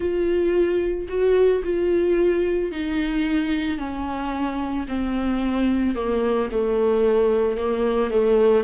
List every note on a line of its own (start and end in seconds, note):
0.00 1.07 F4
1.08 1.62 F#4
1.63 2.71 F4
2.71 3.78 D#4
3.78 4.86 C#4
4.88 5.95 C4
5.95 6.49 A#3
6.51 7.57 A3
7.57 8.10 A#3
8.10 8.64 A3